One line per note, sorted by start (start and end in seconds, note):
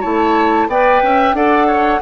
0.00 0.67 A3
0.00 0.69 E4
0.00 0.67 C#5
0.00 0.68 A5
0.67 1.01 B3
0.67 1.35 B4
0.67 1.02 D5
0.67 1.35 G5
1.02 1.33 C#4
1.02 1.36 E5
1.33 2.00 D4
1.33 2.01 A4
1.33 1.67 D5
1.33 2.01 F#5
1.67 2.00 C#5